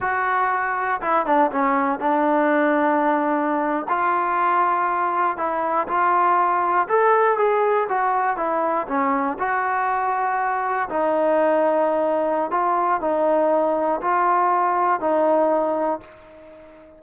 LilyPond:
\new Staff \with { instrumentName = "trombone" } { \time 4/4 \tempo 4 = 120 fis'2 e'8 d'8 cis'4 | d'2.~ d'8. f'16~ | f'2~ f'8. e'4 f'16~ | f'4.~ f'16 a'4 gis'4 fis'16~ |
fis'8. e'4 cis'4 fis'4~ fis'16~ | fis'4.~ fis'16 dis'2~ dis'16~ | dis'4 f'4 dis'2 | f'2 dis'2 | }